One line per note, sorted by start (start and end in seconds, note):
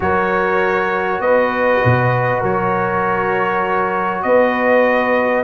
0.00 1.19 F#3
0.00 5.43 F#4
0.00 1.23 A#4
0.00 1.21 C#5
1.19 1.80 B3
1.19 2.40 B4
1.19 2.42 D#5
1.84 2.42 B2
2.40 4.24 F#3
2.40 4.22 A#4
2.40 4.22 C#5
4.22 5.43 B3
4.22 5.43 B4
4.22 5.43 D#5